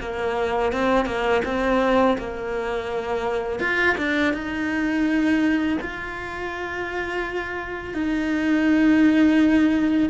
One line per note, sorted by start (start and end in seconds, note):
0.00 0.72 A#3
0.72 1.05 C4
1.05 1.41 A#3
1.44 2.17 C4
2.18 3.59 A#3
3.59 3.95 F4
3.97 4.33 D4
4.33 5.78 D#4
5.81 7.94 F4
7.94 10.09 D#4